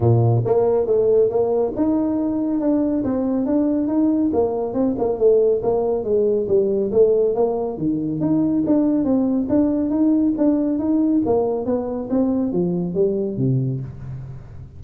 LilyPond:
\new Staff \with { instrumentName = "tuba" } { \time 4/4 \tempo 4 = 139 ais,4 ais4 a4 ais4 | dis'2 d'4 c'4 | d'4 dis'4 ais4 c'8 ais8 | a4 ais4 gis4 g4 |
a4 ais4 dis4 dis'4 | d'4 c'4 d'4 dis'4 | d'4 dis'4 ais4 b4 | c'4 f4 g4 c4 | }